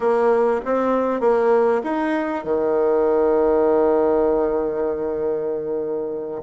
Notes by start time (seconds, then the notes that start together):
0.00 A#3
0.65 C4
1.20 A#3
1.83 D#4
2.44 D#3